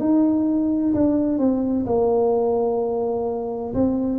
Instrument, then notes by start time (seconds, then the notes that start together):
tuba
0.00 D#4
0.94 D4
1.39 C4
1.86 A#3
3.74 C4